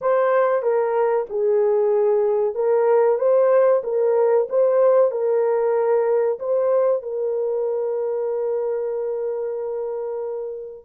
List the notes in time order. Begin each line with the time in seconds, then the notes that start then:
0.01 C5
0.62 A#4
1.29 G#4
2.54 A#4
3.18 C5
3.83 A#4
4.49 C5
5.11 A#4
6.39 C5
7.02 A#4